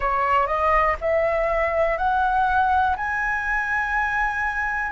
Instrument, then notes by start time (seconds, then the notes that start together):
flute
0.00 C#5
0.46 D#5
1.01 E5
1.97 F#5
2.96 G#5